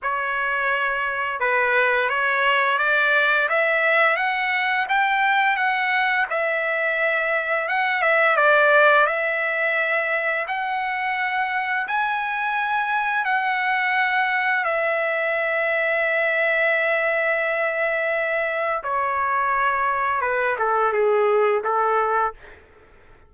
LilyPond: \new Staff \with { instrumentName = "trumpet" } { \time 4/4 \tempo 4 = 86 cis''2 b'4 cis''4 | d''4 e''4 fis''4 g''4 | fis''4 e''2 fis''8 e''8 | d''4 e''2 fis''4~ |
fis''4 gis''2 fis''4~ | fis''4 e''2.~ | e''2. cis''4~ | cis''4 b'8 a'8 gis'4 a'4 | }